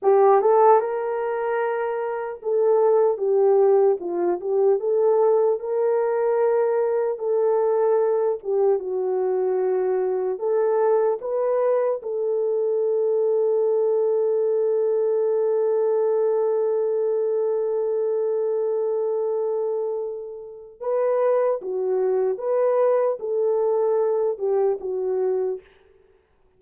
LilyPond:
\new Staff \with { instrumentName = "horn" } { \time 4/4 \tempo 4 = 75 g'8 a'8 ais'2 a'4 | g'4 f'8 g'8 a'4 ais'4~ | ais'4 a'4. g'8 fis'4~ | fis'4 a'4 b'4 a'4~ |
a'1~ | a'1~ | a'2 b'4 fis'4 | b'4 a'4. g'8 fis'4 | }